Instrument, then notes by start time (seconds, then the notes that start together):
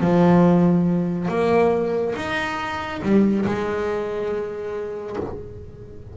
double bass
0.00 F3
1.28 A#3
2.16 D#4
3.02 G3
3.45 G#3